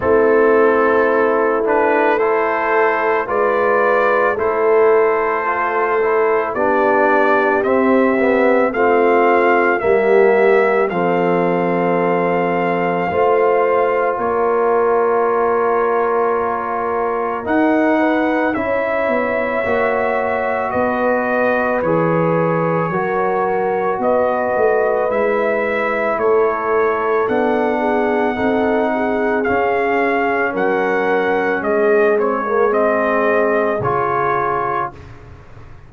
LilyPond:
<<
  \new Staff \with { instrumentName = "trumpet" } { \time 4/4 \tempo 4 = 55 a'4. b'8 c''4 d''4 | c''2 d''4 e''4 | f''4 e''4 f''2~ | f''4 cis''2. |
fis''4 e''2 dis''4 | cis''2 dis''4 e''4 | cis''4 fis''2 f''4 | fis''4 dis''8 cis''8 dis''4 cis''4 | }
  \new Staff \with { instrumentName = "horn" } { \time 4/4 e'2 a'4 b'4 | a'2 g'2 | f'4 g'4 a'2 | c''4 ais'2.~ |
ais'8 b'8 cis''2 b'4~ | b'4 ais'4 b'2 | a'4. gis'8 a'8 gis'4. | ais'4 gis'2. | }
  \new Staff \with { instrumentName = "trombone" } { \time 4/4 c'4. d'8 e'4 f'4 | e'4 f'8 e'8 d'4 c'8 b8 | c'4 ais4 c'2 | f'1 |
dis'4 e'4 fis'2 | gis'4 fis'2 e'4~ | e'4 d'4 dis'4 cis'4~ | cis'4. c'16 ais16 c'4 f'4 | }
  \new Staff \with { instrumentName = "tuba" } { \time 4/4 a2. gis4 | a2 b4 c'4 | a4 g4 f2 | a4 ais2. |
dis'4 cis'8 b8 ais4 b4 | e4 fis4 b8 a8 gis4 | a4 b4 c'4 cis'4 | fis4 gis2 cis4 | }
>>